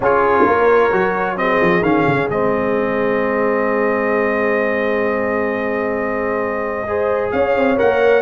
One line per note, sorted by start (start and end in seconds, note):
0.00 0.44 C#4
0.00 0.91 F4
0.00 0.43 G#4
0.00 1.37 C#5
0.43 0.91 A#3
0.43 1.35 A#4
0.91 1.60 F#3
0.91 1.36 F#4
1.36 1.82 C4
1.36 6.87 G#4
1.36 1.83 D#5
1.60 1.81 F3
1.81 2.04 D#3
1.81 2.30 C#4
1.81 2.29 F5
2.07 2.29 C#3
2.29 7.32 G#3
2.29 6.87 C4
2.29 7.31 D#5
6.87 7.77 G#4
6.87 7.33 C5
7.31 7.55 C#4
7.31 8.22 C#5
7.31 7.77 F5
7.55 7.78 C4
7.77 8.22 A#3
7.77 8.22 A#4
7.77 8.22 F#5